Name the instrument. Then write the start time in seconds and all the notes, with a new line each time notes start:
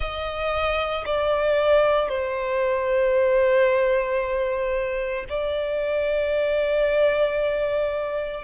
violin
0.00 D#5
1.05 D5
2.09 C5
5.29 D5